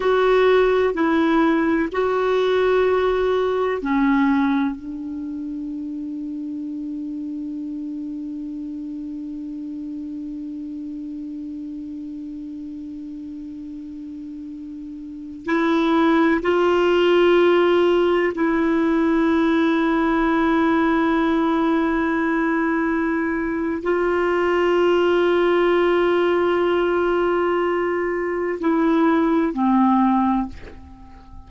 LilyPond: \new Staff \with { instrumentName = "clarinet" } { \time 4/4 \tempo 4 = 63 fis'4 e'4 fis'2 | cis'4 d'2.~ | d'1~ | d'1~ |
d'16 e'4 f'2 e'8.~ | e'1~ | e'4 f'2.~ | f'2 e'4 c'4 | }